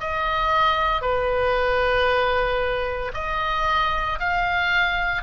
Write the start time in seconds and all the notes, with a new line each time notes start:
0.00 D#5
1.01 B4
3.13 D#5
4.20 F5